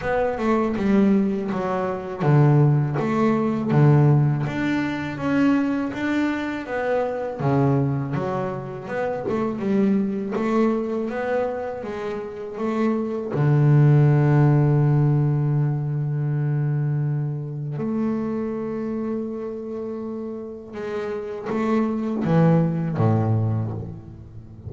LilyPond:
\new Staff \with { instrumentName = "double bass" } { \time 4/4 \tempo 4 = 81 b8 a8 g4 fis4 d4 | a4 d4 d'4 cis'4 | d'4 b4 cis4 fis4 | b8 a8 g4 a4 b4 |
gis4 a4 d2~ | d1 | a1 | gis4 a4 e4 a,4 | }